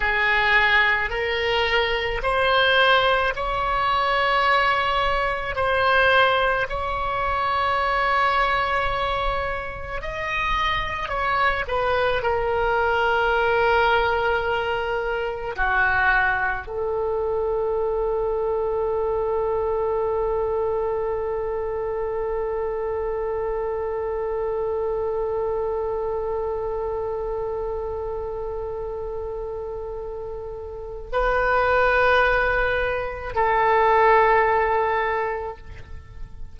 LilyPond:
\new Staff \with { instrumentName = "oboe" } { \time 4/4 \tempo 4 = 54 gis'4 ais'4 c''4 cis''4~ | cis''4 c''4 cis''2~ | cis''4 dis''4 cis''8 b'8 ais'4~ | ais'2 fis'4 a'4~ |
a'1~ | a'1~ | a'1 | b'2 a'2 | }